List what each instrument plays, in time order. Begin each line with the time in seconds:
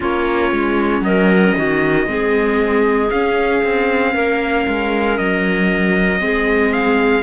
0.00 cello A#3, viola C#4, clarinet F4, trumpet C#5
0.51 cello G#3
1.01 cello F#3, clarinet A#4, trumpet D#5
1.56 cello D#3, clarinet F#4
2.06 cello G#3, viola C4, clarinet G#4
3.10 cello C#4, viola C#4, trumpet F5
3.63 cello C4
4.13 cello A#3, clarinet A#4
4.67 cello G#3
5.17 cello F#3, trumpet D#5
6.19 cello G#3, viola C4, clarinet G#4
6.72 trumpet F5